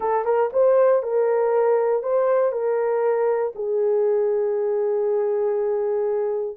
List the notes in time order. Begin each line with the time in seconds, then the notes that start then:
0.00 A4
0.24 A#4
0.52 C5
1.02 A#4
2.03 C5
2.52 A#4
3.55 G#4